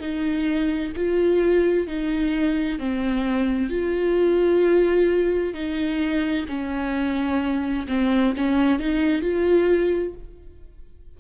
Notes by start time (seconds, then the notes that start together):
0.00 D#4
0.96 F4
1.88 D#4
2.79 C4
3.70 F4
5.54 D#4
6.49 C#4
7.88 C4
8.37 C#4
8.79 D#4
9.22 F4